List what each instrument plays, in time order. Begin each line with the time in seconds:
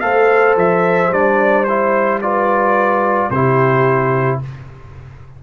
0.00 tuba A3, trombone A4, horn C5, trumpet F5
0.56 tuba F3, trumpet E5
1.11 tuba G3, trombone D4, trumpet D5
1.64 trombone E4, trumpet C5
2.21 trombone F4, horn B4, trumpet D5
3.30 tuba C3, trombone E4, horn G4, trumpet C5